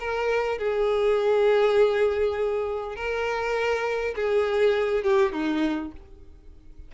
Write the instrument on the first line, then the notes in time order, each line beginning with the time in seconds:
violin
0.00 A#4
0.59 G#4
2.96 A#4
4.16 G#4
5.04 G4
5.33 D#4